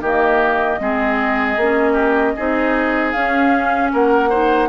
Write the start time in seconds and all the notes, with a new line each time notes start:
0.00 D#3 A#3 G4 D#5
0.79 G#3 C4 G#4
1.56 A#3 C#4
1.93 G4
2.36 C4 D#4 G#4
3.11 C#4 F5
3.92 A#3 A#4 F#5
4.29 D#4 C5